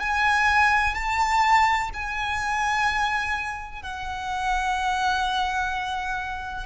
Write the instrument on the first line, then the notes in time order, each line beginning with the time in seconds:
violin
0.00 G#5
0.95 A5
1.94 G#5
3.82 F#5